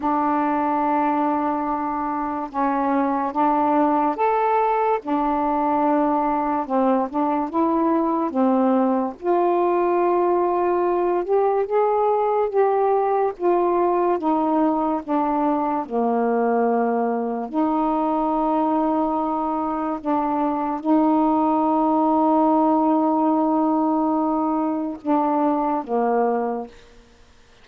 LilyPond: \new Staff \with { instrumentName = "saxophone" } { \time 4/4 \tempo 4 = 72 d'2. cis'4 | d'4 a'4 d'2 | c'8 d'8 e'4 c'4 f'4~ | f'4. g'8 gis'4 g'4 |
f'4 dis'4 d'4 ais4~ | ais4 dis'2. | d'4 dis'2.~ | dis'2 d'4 ais4 | }